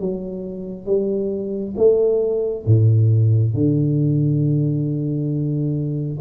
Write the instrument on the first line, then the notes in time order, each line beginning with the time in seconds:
tuba
0.00 F#3
0.86 G3
1.77 A3
2.66 A2
3.54 D3